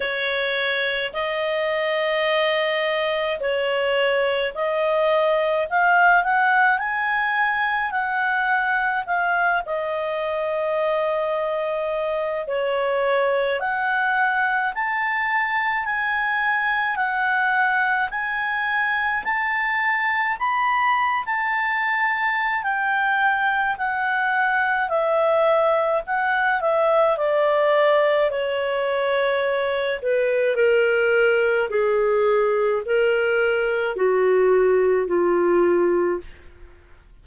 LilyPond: \new Staff \with { instrumentName = "clarinet" } { \time 4/4 \tempo 4 = 53 cis''4 dis''2 cis''4 | dis''4 f''8 fis''8 gis''4 fis''4 | f''8 dis''2~ dis''8 cis''4 | fis''4 a''4 gis''4 fis''4 |
gis''4 a''4 b''8. a''4~ a''16 | g''4 fis''4 e''4 fis''8 e''8 | d''4 cis''4. b'8 ais'4 | gis'4 ais'4 fis'4 f'4 | }